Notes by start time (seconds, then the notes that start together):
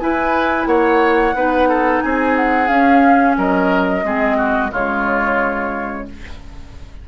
0.00 E4 B4 G#5
0.67 A#3 C#5 F#5
1.34 B3 D#4 B4
1.69 A4
2.01 C4 G#4 G#5
2.36 F#5
2.68 C#4 F5
3.38 F#3 A#4 D#5
4.04 G#3 C4 G#4
4.37 F#4
4.72 C#3 G#3 F4 C#5